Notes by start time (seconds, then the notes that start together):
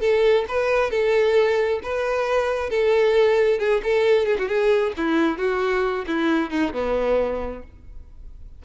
0.00 A4
0.48 B4
0.91 A4
1.83 B4
2.70 A4
3.59 G#4
3.83 A4
4.26 G#4
4.38 F#4
4.48 G#4
4.97 E4
5.38 F#4
6.07 E4
6.50 D#4
6.73 B3